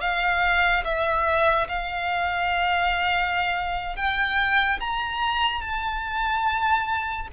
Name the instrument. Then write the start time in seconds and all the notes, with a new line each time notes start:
violin
0.00 F5
0.84 E5
1.68 F5
3.96 G5
4.80 A#5
5.61 A5